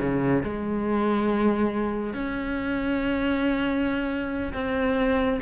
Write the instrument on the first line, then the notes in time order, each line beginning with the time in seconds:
cello
0.00 C#3
0.43 G#3
2.14 C#4
4.53 C4